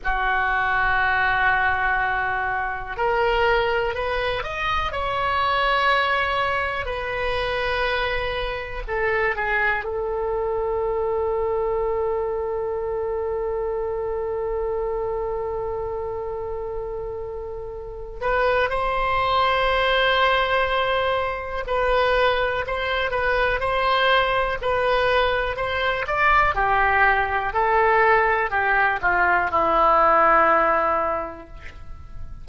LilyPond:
\new Staff \with { instrumentName = "oboe" } { \time 4/4 \tempo 4 = 61 fis'2. ais'4 | b'8 dis''8 cis''2 b'4~ | b'4 a'8 gis'8 a'2~ | a'1~ |
a'2~ a'8 b'8 c''4~ | c''2 b'4 c''8 b'8 | c''4 b'4 c''8 d''8 g'4 | a'4 g'8 f'8 e'2 | }